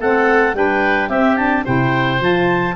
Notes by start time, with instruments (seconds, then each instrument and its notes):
0.00 tuba A3, saxophone C4, oboe A4, clarinet F#5
0.54 tuba G3, saxophone D4, oboe B4, clarinet G5
1.09 tuba C4, saxophone C4, oboe G4, clarinet E5
1.37 saxophone D4, clarinet A5
1.65 tuba C3, saxophone E4, oboe C5, clarinet G5
2.19 tuba F3, saxophone F4, clarinet A5